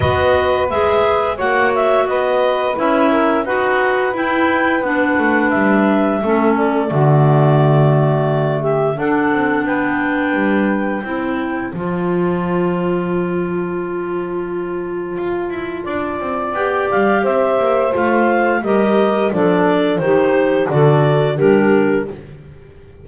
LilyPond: <<
  \new Staff \with { instrumentName = "clarinet" } { \time 4/4 \tempo 4 = 87 dis''4 e''4 fis''8 e''8 dis''4 | e''4 fis''4 g''4 fis''4 | e''4. d''2~ d''8~ | d''8 e''8 fis''4 g''2~ |
g''4 a''2.~ | a''1 | g''8 f''8 e''4 f''4 dis''4 | d''4 c''4 d''4 ais'4 | }
  \new Staff \with { instrumentName = "saxophone" } { \time 4/4 b'2 cis''4 b'4~ | b'8 ais'8 b'2.~ | b'4 a'4 fis'2~ | fis'8 g'8 a'4 b'2 |
c''1~ | c''2. d''4~ | d''4 c''2 ais'4 | a'4 g'4 a'4 g'4 | }
  \new Staff \with { instrumentName = "clarinet" } { \time 4/4 fis'4 gis'4 fis'2 | e'4 fis'4 e'4 d'4~ | d'4 cis'4 a2~ | a4 d'2. |
e'4 f'2.~ | f'1 | g'2 f'4 g'4 | d'4 dis'4 fis'4 d'4 | }
  \new Staff \with { instrumentName = "double bass" } { \time 4/4 b4 gis4 ais4 b4 | cis'4 dis'4 e'4 b8 a8 | g4 a4 d2~ | d4 d'8 c'8 b4 g4 |
c'4 f2.~ | f2 f'8 e'8 d'8 c'8 | b8 g8 c'8 ais8 a4 g4 | f4 dis4 d4 g4 | }
>>